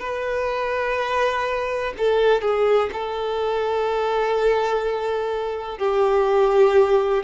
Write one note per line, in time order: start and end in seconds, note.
0.00 1.94 B4
1.98 2.41 A4
2.41 2.90 G#4
2.93 5.78 A4
5.78 7.24 G4